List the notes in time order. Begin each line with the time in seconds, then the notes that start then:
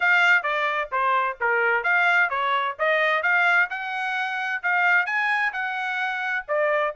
0.00 F5
0.42 D5
0.91 C5
1.40 A#4
1.83 F5
2.29 C#5
2.79 D#5
3.23 F5
3.70 F#5
4.62 F5
5.06 G#5
5.52 F#5
6.48 D5